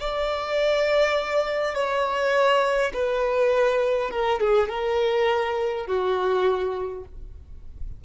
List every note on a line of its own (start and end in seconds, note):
0.00 1.74 D5
1.74 2.92 C#5
2.93 4.10 B4
4.10 4.40 A#4
4.40 4.68 G#4
4.68 5.86 A#4
5.86 7.04 F#4